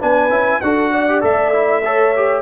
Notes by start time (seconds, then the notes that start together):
0.00 B3 D4 B4 G#5
0.30 C#4 E4
0.61 D4 F#4 A4 F#5
0.92 D5
1.09 G4
1.21 A3 A4 E5
1.53 E4
1.85 A4 C#5
2.16 G4